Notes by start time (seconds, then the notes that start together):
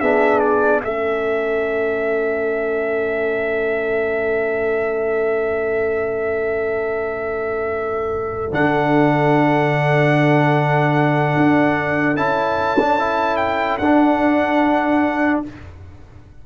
0.00 B3 D4 G#4 E5
0.40 D5
0.82 A3 C#4 A4 E5
8.52 D3 D4 F#5
11.37 D4
12.17 C#4 E4 A5
12.80 D4
12.99 E4
13.37 G5
13.78 D4 F#5